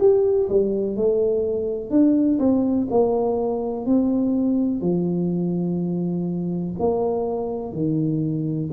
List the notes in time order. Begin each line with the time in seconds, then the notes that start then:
0.00 G4
0.50 G3
0.97 A3
1.91 D4
2.39 C4
2.91 A#3
3.86 C4
4.81 F3
6.80 A#3
7.73 D#3